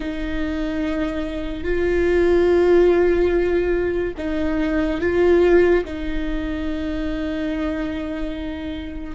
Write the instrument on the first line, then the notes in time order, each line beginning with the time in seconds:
viola
0.00 D#4
1.63 F4
4.17 D#4
5.00 F4
5.84 D#4